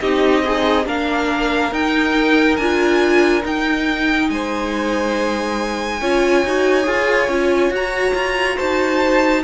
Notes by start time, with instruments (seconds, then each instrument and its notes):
0.00 cello C4, viola D#4, violin G4 D#5
0.44 violin D#4, viola G#4
0.85 cello A#3, viola D4, violin A#4 F5
1.71 cello D#4, viola D#4, violin G5
2.56 cello D4, viola F4, violin G#5
3.42 viola D#4, cello D#4, violin G5
4.29 cello G#3, violin C5 G#5
6.00 cello C#4, viola F4, violin C#5
6.44 cello D#4, viola F#4
6.83 cello F4, viola G#4
7.28 cello C#4, viola F4
7.70 cello F#4, viola F#4, violin A#5
8.15 cello F4
8.56 cello D#4, violin C5 A5